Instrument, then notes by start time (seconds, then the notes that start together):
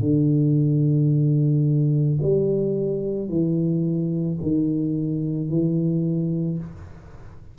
tuba
0.00 D3
2.22 G3
3.29 E3
4.42 D#3
5.49 E3